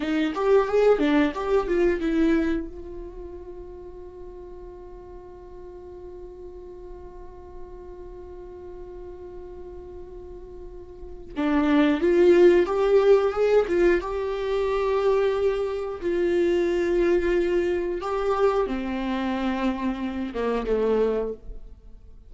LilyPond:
\new Staff \with { instrumentName = "viola" } { \time 4/4 \tempo 4 = 90 dis'8 g'8 gis'8 d'8 g'8 f'8 e'4 | f'1~ | f'1~ | f'1~ |
f'4 d'4 f'4 g'4 | gis'8 f'8 g'2. | f'2. g'4 | c'2~ c'8 ais8 a4 | }